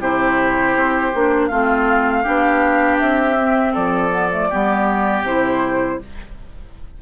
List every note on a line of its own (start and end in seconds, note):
0.00 0.75 C3
0.00 1.13 E4
0.00 1.50 G4
0.00 1.47 C5
0.75 1.12 C4
1.14 1.50 A#3
1.14 1.51 D4
1.47 2.25 A3
1.47 2.24 C4
1.47 2.23 F4
1.47 2.97 F5
2.23 3.01 B3
2.23 3.37 D4
2.23 3.73 G4
2.99 3.76 C4
2.99 3.74 E5
3.38 4.11 C4
3.73 4.51 F3
3.73 4.48 A4
3.73 5.25 D5
4.11 4.30 B3
4.31 4.50 A3
4.50 5.22 G3
4.50 5.26 B3
4.50 6.00 G4
5.22 5.97 C3
5.22 6.01 E4
5.22 6.02 C5